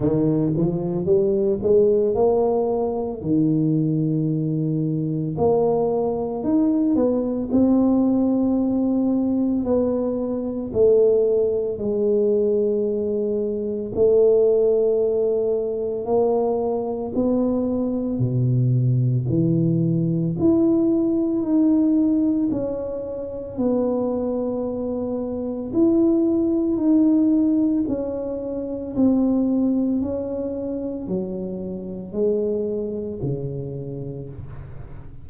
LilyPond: \new Staff \with { instrumentName = "tuba" } { \time 4/4 \tempo 4 = 56 dis8 f8 g8 gis8 ais4 dis4~ | dis4 ais4 dis'8 b8 c'4~ | c'4 b4 a4 gis4~ | gis4 a2 ais4 |
b4 b,4 e4 e'4 | dis'4 cis'4 b2 | e'4 dis'4 cis'4 c'4 | cis'4 fis4 gis4 cis4 | }